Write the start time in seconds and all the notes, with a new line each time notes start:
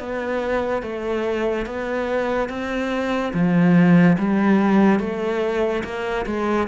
0.00 B3
0.83 A3
1.66 B3
2.49 C4
3.34 F3
4.19 G3
5.00 A3
5.84 A#3
6.27 G#3